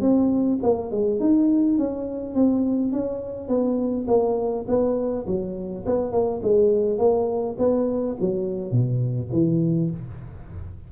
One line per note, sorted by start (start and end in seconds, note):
0.00 0.58 C4
0.62 0.91 A#3
0.91 1.19 G#3
1.19 1.78 D#4
1.78 2.34 C#4
2.34 2.92 C4
2.92 3.48 C#4
3.48 4.06 B3
4.07 4.65 A#3
4.67 5.26 B3
5.26 5.84 F#3
5.85 6.11 B3
6.11 6.40 A#3
6.42 6.98 G#3
6.98 7.56 A#3
7.58 8.16 B3
8.20 8.71 F#3
8.71 9.29 B2
9.32 9.90 E3